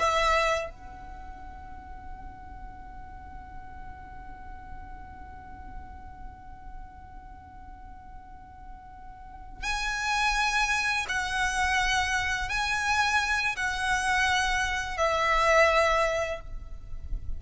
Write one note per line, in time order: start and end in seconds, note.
0.00 0.70 E5
0.70 9.63 F#5
9.64 11.06 G#5
11.09 12.49 F#5
12.49 13.56 G#5
13.57 14.98 F#5
14.98 16.41 E5